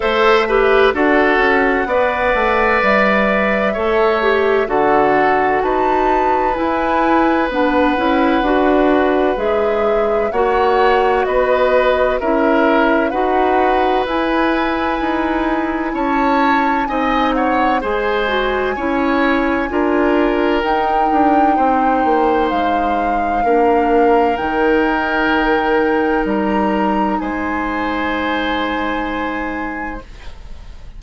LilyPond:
<<
  \new Staff \with { instrumentName = "flute" } { \time 4/4 \tempo 4 = 64 e''4 fis''2 e''4~ | e''4 fis''4 a''4 gis''4 | fis''2 e''4 fis''4 | dis''4 e''4 fis''4 gis''4~ |
gis''4 a''4 gis''8 fis''8 gis''4~ | gis''2 g''2 | f''2 g''2 | ais''4 gis''2. | }
  \new Staff \with { instrumentName = "oboe" } { \time 4/4 c''8 b'8 a'4 d''2 | cis''4 a'4 b'2~ | b'2. cis''4 | b'4 ais'4 b'2~ |
b'4 cis''4 dis''8 cis''8 c''4 | cis''4 ais'2 c''4~ | c''4 ais'2.~ | ais'4 c''2. | }
  \new Staff \with { instrumentName = "clarinet" } { \time 4/4 a'8 g'8 fis'4 b'2 | a'8 g'8 fis'2 e'4 | d'8 e'8 fis'4 gis'4 fis'4~ | fis'4 e'4 fis'4 e'4~ |
e'2 dis'4 gis'8 fis'8 | e'4 f'4 dis'2~ | dis'4 d'4 dis'2~ | dis'1 | }
  \new Staff \with { instrumentName = "bassoon" } { \time 4/4 a4 d'8 cis'8 b8 a8 g4 | a4 d4 dis'4 e'4 | b8 cis'8 d'4 gis4 ais4 | b4 cis'4 dis'4 e'4 |
dis'4 cis'4 c'4 gis4 | cis'4 d'4 dis'8 d'8 c'8 ais8 | gis4 ais4 dis2 | g4 gis2. | }
>>